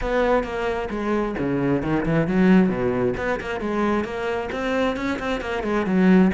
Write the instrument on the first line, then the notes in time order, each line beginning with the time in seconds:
cello
0.01 B3
0.43 A#3
0.90 G#3
1.38 C#3
1.82 D#3
2.05 E3
2.27 F#3
2.68 B2
3.17 B3
3.40 A#3
3.60 G#3
4.04 A#3
4.52 C4
4.96 C#4
5.19 C4
5.40 A#3
5.63 G#3
5.85 F#3